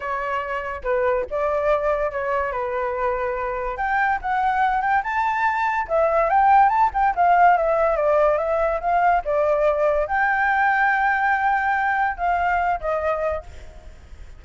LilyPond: \new Staff \with { instrumentName = "flute" } { \time 4/4 \tempo 4 = 143 cis''2 b'4 d''4~ | d''4 cis''4 b'2~ | b'4 g''4 fis''4. g''8 | a''2 e''4 g''4 |
a''8 g''8 f''4 e''4 d''4 | e''4 f''4 d''2 | g''1~ | g''4 f''4. dis''4. | }